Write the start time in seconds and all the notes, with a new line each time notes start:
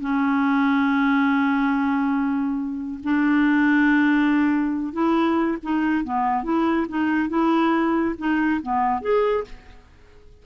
0.00 C#4
3.03 D4
4.93 E4
5.63 D#4
6.04 B3
6.43 E4
6.88 D#4
7.29 E4
8.18 D#4
8.62 B3
9.01 G#4